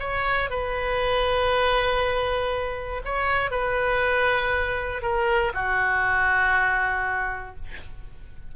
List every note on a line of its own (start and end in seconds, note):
0.00 0.50 C#5
0.50 3.03 B4
3.05 3.51 C#5
3.51 5.02 B4
5.02 5.53 A#4
5.54 7.56 F#4